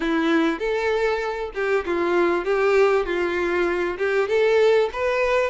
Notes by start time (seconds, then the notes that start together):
0.00 E4
0.59 A4
1.54 G4
1.85 F4
2.45 G4
3.05 F4
3.98 G4
4.28 A4
4.92 B4